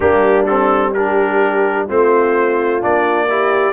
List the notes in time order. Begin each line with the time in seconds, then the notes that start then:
0.00 G3 A#3 D4 G4
0.46 C4 A4
0.93 D4 G4 A#4
1.87 A3 C4 F4 C5
2.81 A#3 D4 D5
3.29 E4 G4